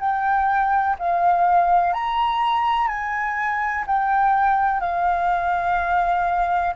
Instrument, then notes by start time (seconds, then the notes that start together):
flute
0.00 G5
0.99 F5
1.94 A#5
2.88 G#5
3.87 G5
4.81 F5